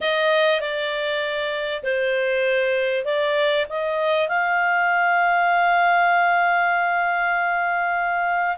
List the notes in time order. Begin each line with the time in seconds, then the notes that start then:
0.01 D#5
0.60 D5
1.83 C5
3.04 D5
3.69 D#5
4.28 F5